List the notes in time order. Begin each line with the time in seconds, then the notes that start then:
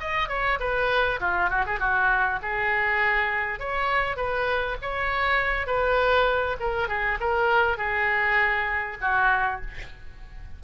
0.00 D#5
0.29 C#5
0.60 B4
1.20 F4
1.50 F#4
1.66 G#4
1.79 F#4
2.42 G#4
3.59 C#5
4.17 B4
4.82 C#5
5.66 B4
6.60 A#4
6.88 G#4
7.20 A#4
7.78 G#4
9.01 F#4